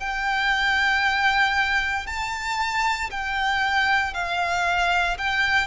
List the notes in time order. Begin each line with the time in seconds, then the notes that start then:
0.00 G5
2.07 A5
3.11 G5
4.14 F5
5.18 G5